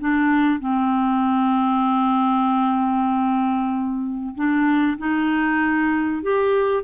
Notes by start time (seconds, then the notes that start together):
0.00 D4
0.60 C4
4.35 D4
4.98 D#4
6.22 G4